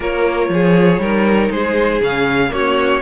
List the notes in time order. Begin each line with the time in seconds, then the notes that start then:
0.00 A#3 F4 A#4 C#5
0.49 F3 G#4
0.98 G3 D#4 A#4
1.50 G#3 G#4 C5
2.00 C#3 C#4 F5
2.49 A#3 C#4 F#4 C#5